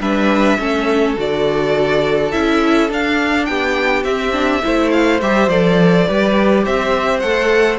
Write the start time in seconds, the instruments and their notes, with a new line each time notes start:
0.00 cello G3, viola D4, violin B4 E5
0.59 cello A3, viola C#4, violin A4
1.16 cello D3, viola F#4, violin D5
2.32 cello C#4, viola E4, violin E5
2.88 viola D4, cello D4, violin F5
3.45 cello B3, violin G4 G5
4.03 cello C4, viola C4, violin E5
4.32 viola D4
4.63 cello A3, viola E4, violin C5
4.91 violin F5
5.21 cello G3, viola G4, violin E5
5.48 cello F3, viola A4, violin D5
6.07 cello G3, viola G4, violin B4
6.65 cello C4, violin C5 E5
7.19 cello A3, viola A4, violin F#5